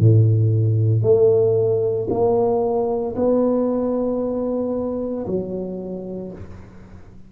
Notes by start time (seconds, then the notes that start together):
0.00 A2
1.03 A3
2.10 A#3
3.16 B3
5.27 F#3